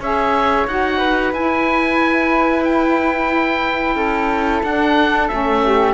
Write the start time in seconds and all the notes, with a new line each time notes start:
0.00 C#4 G#4 C#5 E5
0.67 D#4 F#4 F#5
0.98 B4
1.33 E4 G#5
2.65 G5
3.96 C#4 A4
4.63 D4 F#5
5.28 A3 C#4 E5
5.65 G4